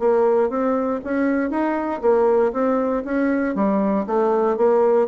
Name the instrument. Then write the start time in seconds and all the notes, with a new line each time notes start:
bassoon
0.00 A#3
0.50 C4
1.05 C#4
1.51 D#4
2.02 A#3
2.53 C4
3.05 C#4
3.55 G3
4.07 A3
4.57 A#3